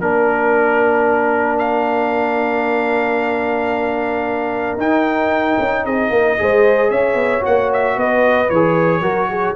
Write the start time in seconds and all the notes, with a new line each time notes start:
0.00 A#3 D4 A#4
1.58 F5
4.77 D#4 G5
5.59 C#4
5.84 C4 G#4 D#5
6.10 A#3 A#4
6.38 G#3 G#4 C5
6.90 C#4 C#5 E5
7.14 B3
7.41 A#3 F#4 F#5
7.73 E5
7.96 B3 B4 D#5
8.49 E3 G#4 C#5
9.00 F#3 F#4 A#4
9.29 G#4